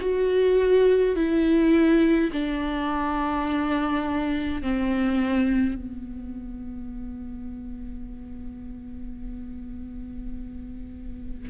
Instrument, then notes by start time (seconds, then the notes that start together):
viola
0.00 F#4
1.15 E4
2.32 D4
4.62 C4
5.75 B3